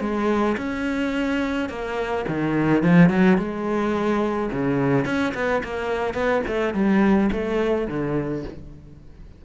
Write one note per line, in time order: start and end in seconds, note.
0.00 0.56 G#3
0.57 1.69 C#4
1.69 2.25 A#3
2.28 2.82 D#3
2.82 3.09 F3
3.09 3.37 F#3
3.37 4.50 G#3
4.51 5.05 C#3
5.05 5.33 C#4
5.34 5.62 B3
5.63 6.14 A#3
6.14 6.42 B3
6.47 6.74 A3
6.74 7.30 G3
7.32 7.87 A3
7.87 8.43 D3